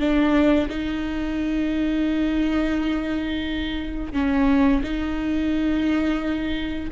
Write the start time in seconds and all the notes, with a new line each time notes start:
0.00 D4
0.69 D#4
4.13 C#4
4.84 D#4